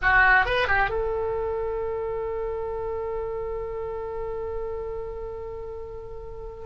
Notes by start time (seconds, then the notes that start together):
0.02 F#4
0.45 B4
0.67 G4
0.89 A4